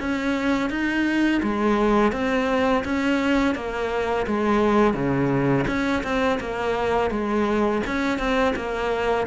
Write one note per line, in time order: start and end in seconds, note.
0.00 0.70 C#4
0.70 1.41 D#4
1.43 2.12 G#3
2.12 2.84 C4
2.85 3.55 C#4
3.55 4.26 A#3
4.26 4.94 G#3
4.94 5.65 C#3
5.67 6.03 C#4
6.03 6.39 C4
6.40 7.10 A#3
7.10 7.82 G#3
7.87 8.19 C#4
8.19 8.55 C4
8.56 9.27 A#3